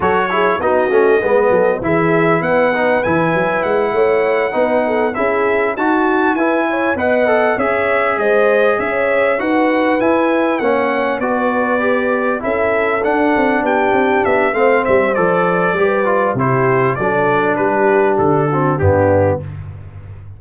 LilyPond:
<<
  \new Staff \with { instrumentName = "trumpet" } { \time 4/4 \tempo 4 = 99 cis''4 dis''2 e''4 | fis''4 gis''4 fis''2~ | fis''8 e''4 a''4 gis''4 fis''8~ | fis''8 e''4 dis''4 e''4 fis''8~ |
fis''8 gis''4 fis''4 d''4.~ | d''8 e''4 fis''4 g''4 e''8 | f''8 e''8 d''2 c''4 | d''4 b'4 a'4 g'4 | }
  \new Staff \with { instrumentName = "horn" } { \time 4/4 a'8 gis'8 fis'4 b'8 a'8 gis'4 | b'2~ b'8 cis''4 b'8 | a'8 gis'4 fis'4 b'8 cis''8 dis''8~ | dis''8 cis''4 c''4 cis''4 b'8~ |
b'4. cis''4 b'4.~ | b'8 a'2 g'4. | c''2 b'4 g'4 | a'4 g'4. fis'8 d'4 | }
  \new Staff \with { instrumentName = "trombone" } { \time 4/4 fis'8 e'8 dis'8 cis'8 b4 e'4~ | e'8 dis'8 e'2~ e'8 dis'8~ | dis'8 e'4 fis'4 e'4 b'8 | a'8 gis'2. fis'8~ |
fis'8 e'4 cis'4 fis'4 g'8~ | g'8 e'4 d'2~ d'8 | c'4 a'4 g'8 f'8 e'4 | d'2~ d'8 c'8 b4 | }
  \new Staff \with { instrumentName = "tuba" } { \time 4/4 fis4 b8 a8 gis8 fis8 e4 | b4 e8 fis8 gis8 a4 b8~ | b8 cis'4 dis'4 e'4 b8~ | b8 cis'4 gis4 cis'4 dis'8~ |
dis'8 e'4 ais4 b4.~ | b8 cis'4 d'8 c'8 b8 c'8 b8 | a8 g8 f4 g4 c4 | fis4 g4 d4 g,4 | }
>>